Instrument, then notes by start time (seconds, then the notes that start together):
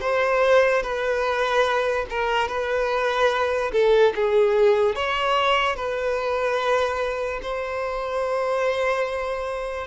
violin
0.00 C5
0.82 B4
2.09 A#4
2.48 B4
3.72 A4
4.15 G#4
4.95 C#5
5.76 B4
7.42 C5